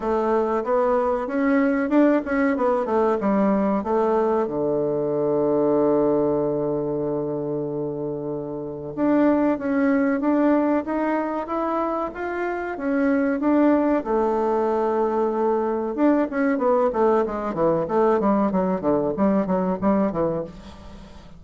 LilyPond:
\new Staff \with { instrumentName = "bassoon" } { \time 4/4 \tempo 4 = 94 a4 b4 cis'4 d'8 cis'8 | b8 a8 g4 a4 d4~ | d1~ | d2 d'4 cis'4 |
d'4 dis'4 e'4 f'4 | cis'4 d'4 a2~ | a4 d'8 cis'8 b8 a8 gis8 e8 | a8 g8 fis8 d8 g8 fis8 g8 e8 | }